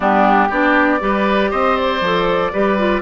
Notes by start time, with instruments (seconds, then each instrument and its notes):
0.00 bassoon G3, clarinet B3, oboe D4, flute G4
0.48 bassoon B3, clarinet D4, oboe G4, flute D5
0.99 bassoon G3, clarinet G4, oboe B4
1.50 bassoon C4, oboe C5, flute D#5
1.76 flute D5
2.00 bassoon F3, clarinet A4
2.52 bassoon G3, clarinet G4, oboe B4
2.78 clarinet F4